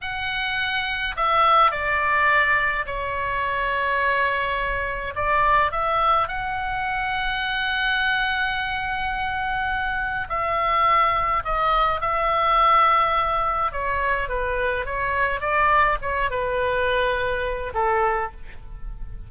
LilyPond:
\new Staff \with { instrumentName = "oboe" } { \time 4/4 \tempo 4 = 105 fis''2 e''4 d''4~ | d''4 cis''2.~ | cis''4 d''4 e''4 fis''4~ | fis''1~ |
fis''2 e''2 | dis''4 e''2. | cis''4 b'4 cis''4 d''4 | cis''8 b'2~ b'8 a'4 | }